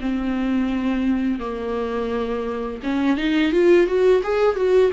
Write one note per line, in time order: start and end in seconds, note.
0.00 1.39 C4
1.39 2.80 A#3
2.83 3.17 C#4
3.17 3.52 D#4
3.52 3.86 F4
3.86 4.22 F#4
4.23 4.56 G#4
4.56 4.91 F#4